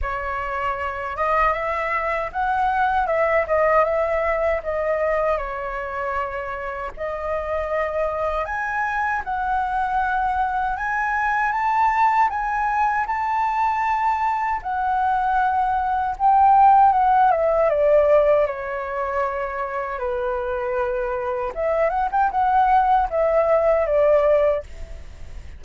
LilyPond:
\new Staff \with { instrumentName = "flute" } { \time 4/4 \tempo 4 = 78 cis''4. dis''8 e''4 fis''4 | e''8 dis''8 e''4 dis''4 cis''4~ | cis''4 dis''2 gis''4 | fis''2 gis''4 a''4 |
gis''4 a''2 fis''4~ | fis''4 g''4 fis''8 e''8 d''4 | cis''2 b'2 | e''8 fis''16 g''16 fis''4 e''4 d''4 | }